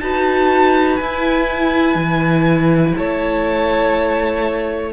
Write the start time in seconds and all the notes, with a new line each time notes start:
0.00 D#4 F#4 B4 A5
0.96 E4 G#5
1.95 E3
2.96 A3 C#5 A5